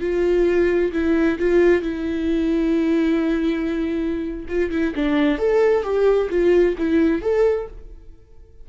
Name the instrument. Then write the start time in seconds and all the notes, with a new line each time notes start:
viola
0.00 F4
0.92 E4
1.38 F4
1.82 E4
4.48 F4
4.71 E4
4.95 D4
5.38 A4
5.83 G4
6.30 F4
6.78 E4
7.21 A4